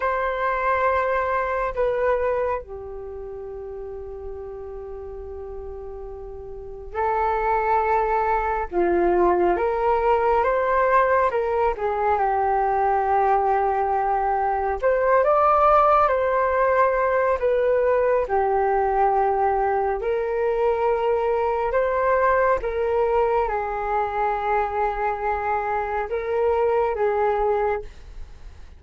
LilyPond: \new Staff \with { instrumentName = "flute" } { \time 4/4 \tempo 4 = 69 c''2 b'4 g'4~ | g'1 | a'2 f'4 ais'4 | c''4 ais'8 gis'8 g'2~ |
g'4 c''8 d''4 c''4. | b'4 g'2 ais'4~ | ais'4 c''4 ais'4 gis'4~ | gis'2 ais'4 gis'4 | }